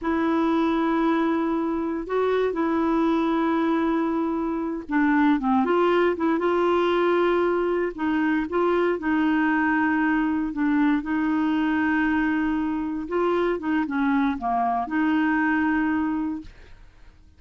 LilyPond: \new Staff \with { instrumentName = "clarinet" } { \time 4/4 \tempo 4 = 117 e'1 | fis'4 e'2.~ | e'4. d'4 c'8 f'4 | e'8 f'2. dis'8~ |
dis'8 f'4 dis'2~ dis'8~ | dis'8 d'4 dis'2~ dis'8~ | dis'4. f'4 dis'8 cis'4 | ais4 dis'2. | }